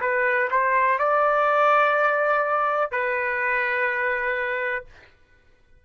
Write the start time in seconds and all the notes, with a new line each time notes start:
0.00 B4
0.51 C5
0.99 D5
2.91 B4